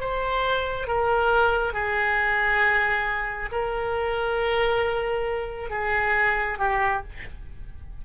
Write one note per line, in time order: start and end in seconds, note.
0.00 0.87 C5
0.87 1.73 A#4
1.73 3.50 G#4
3.52 5.70 A#4
5.70 6.58 G#4
6.58 7.02 G4